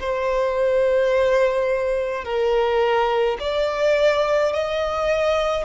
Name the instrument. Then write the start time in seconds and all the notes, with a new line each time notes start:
violin
0.00 C5
2.24 A#4
3.40 D5
4.53 D#5